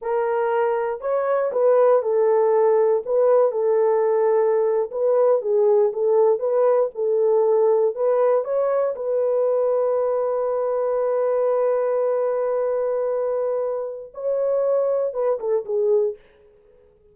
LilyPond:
\new Staff \with { instrumentName = "horn" } { \time 4/4 \tempo 4 = 119 ais'2 cis''4 b'4 | a'2 b'4 a'4~ | a'4.~ a'16 b'4 gis'4 a'16~ | a'8. b'4 a'2 b'16~ |
b'8. cis''4 b'2~ b'16~ | b'1~ | b'1 | cis''2 b'8 a'8 gis'4 | }